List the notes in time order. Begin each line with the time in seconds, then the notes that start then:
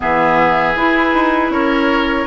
0.00 E3 B3 G#4 E5
0.75 E4 B4
1.13 D#4
1.50 C#4 A#4 C#5